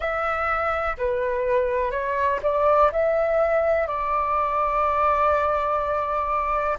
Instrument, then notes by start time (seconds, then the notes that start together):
flute
0.00 E5
0.97 B4
1.91 C#5
2.42 D5
2.92 E5
3.87 D5